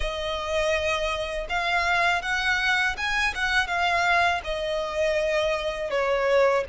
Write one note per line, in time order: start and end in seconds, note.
0.00 1.46 D#5
1.49 2.22 F5
2.22 2.96 F#5
2.97 3.34 G#5
3.34 3.67 F#5
3.67 4.41 F5
4.44 5.90 D#5
5.90 6.64 C#5